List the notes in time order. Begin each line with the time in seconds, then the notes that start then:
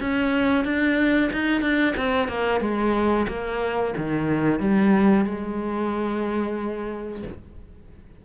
0.00 C#4
0.64 D4
1.32 D#4
1.61 D4
1.96 C4
2.28 A#3
2.60 G#3
3.28 A#3
3.97 D#3
4.59 G3
5.25 G#3